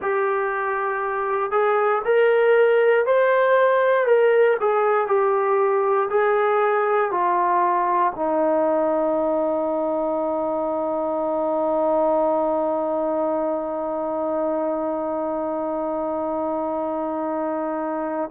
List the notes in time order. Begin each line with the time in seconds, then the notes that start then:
0.01 G4
1.51 G#4
2.04 A#4
3.06 C5
4.06 A#4
4.59 G#4
5.07 G4
6.10 G#4
7.11 F4
8.15 D#4